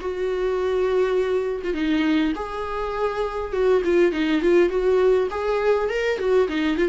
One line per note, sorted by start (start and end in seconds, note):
0.00 1.62 F#4
1.64 1.74 F4
1.74 2.33 D#4
2.35 3.53 G#4
3.53 3.82 F#4
3.85 4.12 F4
4.12 4.41 D#4
4.41 4.69 F4
4.69 5.28 F#4
5.30 5.89 G#4
5.89 6.18 A#4
6.18 6.48 F#4
6.48 6.77 D#4
6.77 6.89 F4